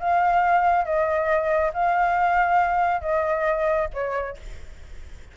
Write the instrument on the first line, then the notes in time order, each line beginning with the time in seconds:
flute
0.00 F5
0.85 D#5
1.74 F5
3.02 D#5
3.94 C#5